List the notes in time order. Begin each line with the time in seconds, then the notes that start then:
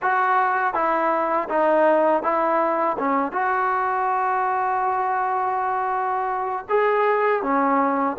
0.02 F#4
0.74 E4
1.49 D#4
2.22 E4
2.98 C#4
3.32 F#4
6.69 G#4
7.42 C#4